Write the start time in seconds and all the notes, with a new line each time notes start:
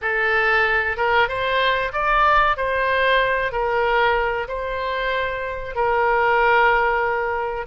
0.01 A4
0.96 A#4
1.28 C5
1.92 D5
2.56 C5
3.51 A#4
4.48 C5
5.75 A#4